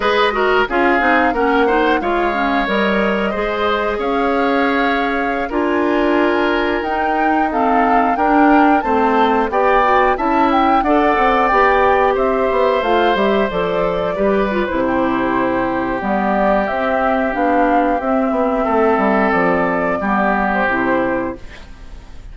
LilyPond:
<<
  \new Staff \with { instrumentName = "flute" } { \time 4/4 \tempo 4 = 90 dis''4 f''4 fis''4 f''4 | dis''2 f''2~ | f''16 gis''2 g''4 f''8.~ | f''16 g''4 a''4 g''4 a''8 g''16~ |
g''16 fis''4 g''4 e''4 f''8 e''16~ | e''16 d''4.~ d''16 c''2 | d''4 e''4 f''4 e''4~ | e''4 d''4.~ d''16 c''4~ c''16 | }
  \new Staff \with { instrumentName = "oboe" } { \time 4/4 b'8 ais'8 gis'4 ais'8 c''8 cis''4~ | cis''4 c''4 cis''2~ | cis''16 ais'2. a'8.~ | a'16 ais'4 c''4 d''4 e''8.~ |
e''16 d''2 c''4.~ c''16~ | c''4~ c''16 b'4 g'4.~ g'16~ | g'1 | a'2 g'2 | }
  \new Staff \with { instrumentName = "clarinet" } { \time 4/4 gis'8 fis'8 f'8 dis'8 cis'8 dis'8 f'8 cis'8 | ais'4 gis'2.~ | gis'16 f'2 dis'4 c'8.~ | c'16 d'4 c'4 g'8 fis'8 e'8.~ |
e'16 a'4 g'2 f'8 g'16~ | g'16 a'4 g'8 f'16 e'2 | b4 c'4 d'4 c'4~ | c'2 b4 e'4 | }
  \new Staff \with { instrumentName = "bassoon" } { \time 4/4 gis4 cis'8 c'8 ais4 gis4 | g4 gis4 cis'2~ | cis'16 d'2 dis'4.~ dis'16~ | dis'16 d'4 a4 b4 cis'8.~ |
cis'16 d'8 c'8 b4 c'8 b8 a8 g16~ | g16 f4 g8. c2 | g4 c'4 b4 c'8 b8 | a8 g8 f4 g4 c4 | }
>>